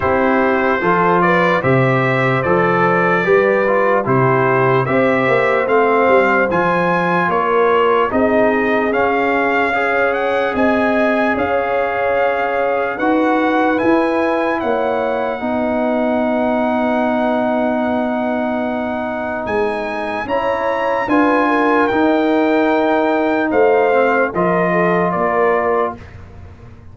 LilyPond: <<
  \new Staff \with { instrumentName = "trumpet" } { \time 4/4 \tempo 4 = 74 c''4. d''8 e''4 d''4~ | d''4 c''4 e''4 f''4 | gis''4 cis''4 dis''4 f''4~ | f''8 fis''8 gis''4 f''2 |
fis''4 gis''4 fis''2~ | fis''1 | gis''4 ais''4 gis''4 g''4~ | g''4 f''4 dis''4 d''4 | }
  \new Staff \with { instrumentName = "horn" } { \time 4/4 g'4 a'8 b'8 c''2 | b'4 g'4 c''2~ | c''4 ais'4 gis'2 | cis''4 dis''4 cis''2 |
b'2 cis''4 b'4~ | b'1~ | b'4 cis''4 b'8 ais'4.~ | ais'4 c''4 ais'8 a'8 ais'4 | }
  \new Staff \with { instrumentName = "trombone" } { \time 4/4 e'4 f'4 g'4 a'4 | g'8 f'8 e'4 g'4 c'4 | f'2 dis'4 cis'4 | gis'1 |
fis'4 e'2 dis'4~ | dis'1~ | dis'4 e'4 f'4 dis'4~ | dis'4. c'8 f'2 | }
  \new Staff \with { instrumentName = "tuba" } { \time 4/4 c'4 f4 c4 f4 | g4 c4 c'8 ais8 a8 g8 | f4 ais4 c'4 cis'4~ | cis'4 c'4 cis'2 |
dis'4 e'4 ais4 b4~ | b1 | gis4 cis'4 d'4 dis'4~ | dis'4 a4 f4 ais4 | }
>>